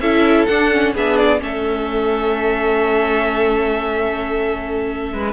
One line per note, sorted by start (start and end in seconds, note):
0.00 0.47 C#4
0.00 0.49 E4
0.00 0.94 A4
0.00 0.47 E5
0.47 0.95 D4
0.47 0.72 D4
0.47 0.93 F#5
0.72 0.96 C#4
0.94 1.42 B3
0.94 1.39 D4
0.94 1.41 G#4
0.94 1.17 E5
1.17 1.40 D5
1.39 5.13 A3
1.39 5.33 C#4
1.39 5.14 A4
1.39 5.33 E5
5.13 5.33 G#3
5.13 5.33 B4